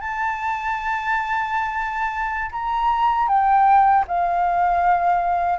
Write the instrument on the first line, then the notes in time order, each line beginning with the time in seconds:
flute
0.00 A5
2.51 A#5
3.28 G5
4.07 F5